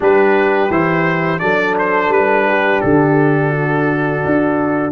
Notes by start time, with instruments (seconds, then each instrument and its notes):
0.00 tuba G3, trombone D4, horn G4, trumpet B4
0.69 tuba E3, trombone E4, trumpet C5
1.39 tuba F#3, trombone D4, horn A4, trumpet D5
1.78 trumpet C5
2.08 tuba G3, trumpet B4
2.48 horn G4
2.80 tuba D3, trumpet A4
3.50 horn F#4
4.25 tuba D4